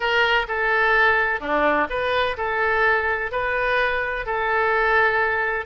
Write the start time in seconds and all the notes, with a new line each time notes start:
0.00 A#4
0.48 A4
1.40 D4
1.89 B4
2.37 A4
3.31 B4
4.26 A4